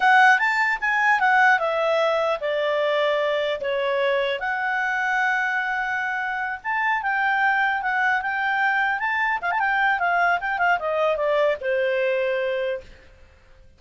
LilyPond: \new Staff \with { instrumentName = "clarinet" } { \time 4/4 \tempo 4 = 150 fis''4 a''4 gis''4 fis''4 | e''2 d''2~ | d''4 cis''2 fis''4~ | fis''1~ |
fis''8 a''4 g''2 fis''8~ | fis''8 g''2 a''4 f''16 a''16 | g''4 f''4 g''8 f''8 dis''4 | d''4 c''2. | }